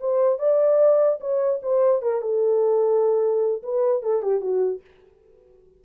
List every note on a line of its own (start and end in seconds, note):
0.00 0.38 C5
0.38 1.19 D5
1.20 1.60 C#5
1.62 2.02 C5
2.02 2.21 A#4
2.21 3.62 A4
3.63 4.02 B4
4.02 4.22 A4
4.22 4.41 G4
4.41 4.81 F#4